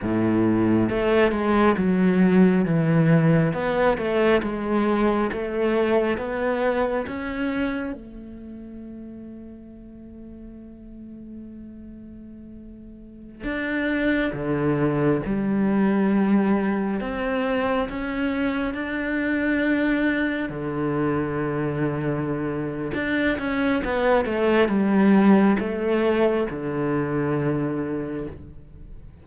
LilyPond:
\new Staff \with { instrumentName = "cello" } { \time 4/4 \tempo 4 = 68 a,4 a8 gis8 fis4 e4 | b8 a8 gis4 a4 b4 | cis'4 a2.~ | a2.~ a16 d'8.~ |
d'16 d4 g2 c'8.~ | c'16 cis'4 d'2 d8.~ | d2 d'8 cis'8 b8 a8 | g4 a4 d2 | }